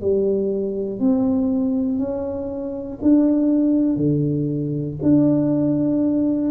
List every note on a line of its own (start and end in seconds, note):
0.00 0.99 G3
0.99 1.98 C4
1.98 2.98 C#4
3.01 3.95 D4
3.95 4.95 D3
5.02 6.50 D4